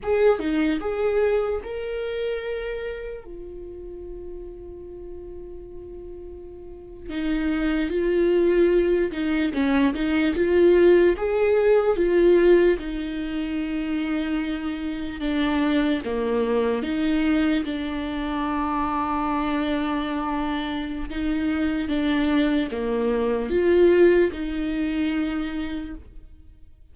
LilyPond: \new Staff \with { instrumentName = "viola" } { \time 4/4 \tempo 4 = 74 gis'8 dis'8 gis'4 ais'2 | f'1~ | f'8. dis'4 f'4. dis'8 cis'16~ | cis'16 dis'8 f'4 gis'4 f'4 dis'16~ |
dis'2~ dis'8. d'4 ais16~ | ais8. dis'4 d'2~ d'16~ | d'2 dis'4 d'4 | ais4 f'4 dis'2 | }